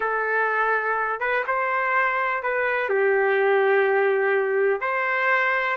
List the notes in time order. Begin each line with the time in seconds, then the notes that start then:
0.00 A4
1.20 B4
1.47 C5
2.42 B4
2.89 G4
4.80 C5